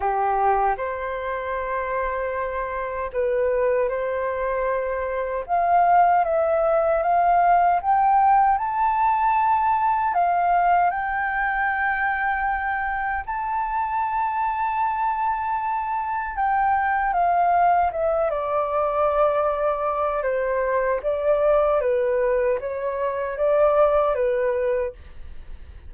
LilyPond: \new Staff \with { instrumentName = "flute" } { \time 4/4 \tempo 4 = 77 g'4 c''2. | b'4 c''2 f''4 | e''4 f''4 g''4 a''4~ | a''4 f''4 g''2~ |
g''4 a''2.~ | a''4 g''4 f''4 e''8 d''8~ | d''2 c''4 d''4 | b'4 cis''4 d''4 b'4 | }